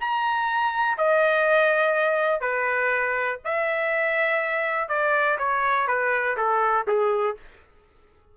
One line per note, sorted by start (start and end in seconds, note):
0.00 0.97 A#5
0.97 2.41 D#5
2.41 3.39 B4
3.45 4.88 E5
4.88 5.38 D5
5.38 5.87 C#5
5.87 6.37 B4
6.37 6.86 A4
6.87 7.37 G#4